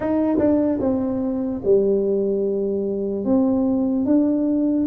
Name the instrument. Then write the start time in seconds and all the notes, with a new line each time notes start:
tuba
0.00 D#4
0.38 D4
0.80 C4
1.64 G3
3.24 C4
4.05 D4